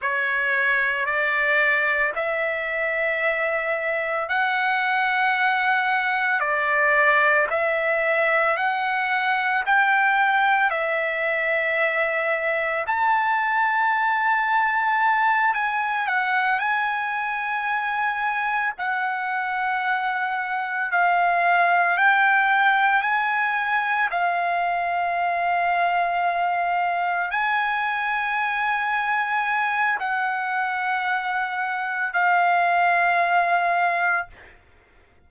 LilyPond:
\new Staff \with { instrumentName = "trumpet" } { \time 4/4 \tempo 4 = 56 cis''4 d''4 e''2 | fis''2 d''4 e''4 | fis''4 g''4 e''2 | a''2~ a''8 gis''8 fis''8 gis''8~ |
gis''4. fis''2 f''8~ | f''8 g''4 gis''4 f''4.~ | f''4. gis''2~ gis''8 | fis''2 f''2 | }